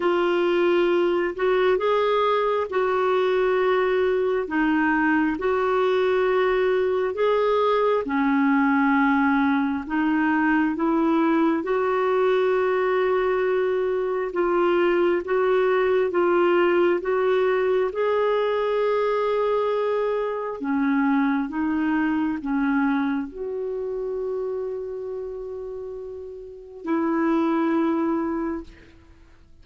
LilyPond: \new Staff \with { instrumentName = "clarinet" } { \time 4/4 \tempo 4 = 67 f'4. fis'8 gis'4 fis'4~ | fis'4 dis'4 fis'2 | gis'4 cis'2 dis'4 | e'4 fis'2. |
f'4 fis'4 f'4 fis'4 | gis'2. cis'4 | dis'4 cis'4 fis'2~ | fis'2 e'2 | }